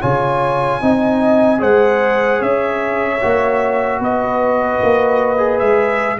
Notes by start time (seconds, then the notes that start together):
0.00 C#3 F4 C#5 G#5
0.81 C4 D#4 D#5
1.59 G#3 G#4 C5 F#5
2.39 C#4 C#5 E5
3.21 A#3 F#4
4.00 B3 B4 D#5
4.83 A#3
5.38 G#4
5.59 G#3 E5